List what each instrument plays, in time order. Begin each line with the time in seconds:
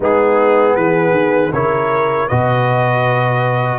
0.00 tuba G#3, trombone B3, horn D#4, trumpet G#4
0.75 tuba E3, horn G#4, trumpet B4
1.11 tuba D#3
1.52 tuba C#3, trombone E4, horn A#4, trumpet C#5
2.28 tuba B2, trombone F#4, horn B4, trumpet D#5